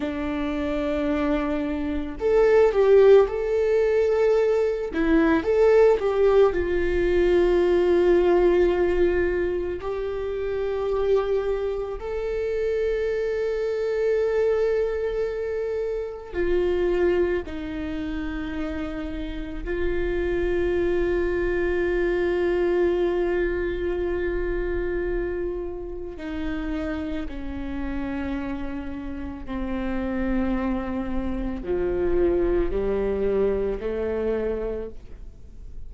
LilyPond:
\new Staff \with { instrumentName = "viola" } { \time 4/4 \tempo 4 = 55 d'2 a'8 g'8 a'4~ | a'8 e'8 a'8 g'8 f'2~ | f'4 g'2 a'4~ | a'2. f'4 |
dis'2 f'2~ | f'1 | dis'4 cis'2 c'4~ | c'4 f4 g4 a4 | }